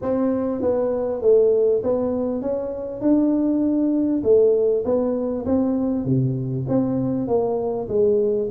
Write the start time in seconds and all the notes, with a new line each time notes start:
0.01 C4
0.61 B3
1.21 A3
1.83 B3
2.41 C#4
3.01 D4
4.23 A3
4.84 B3
5.45 C4
6.04 C3
6.68 C4
7.27 A#3
7.88 G#3